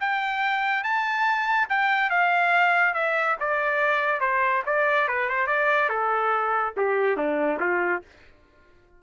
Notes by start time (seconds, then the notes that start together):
0.00 G5
0.84 A5
1.69 G5
2.10 F5
2.94 E5
3.40 D5
4.21 C5
4.66 D5
5.08 B4
5.29 C5
5.47 D5
5.89 A4
6.77 G4
7.17 D4
7.60 F4